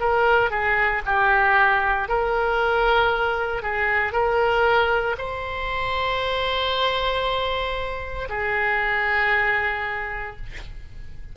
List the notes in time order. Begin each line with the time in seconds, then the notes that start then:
0.00 A#4
0.51 G#4
1.06 G4
2.09 A#4
3.63 G#4
4.13 A#4
5.18 C5
8.29 G#4